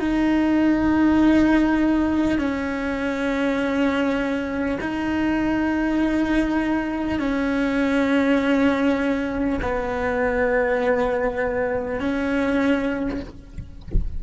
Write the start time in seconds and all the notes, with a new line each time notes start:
0.00 D#4
2.38 C#4
4.81 D#4
7.19 C#4
9.62 B3
12.00 C#4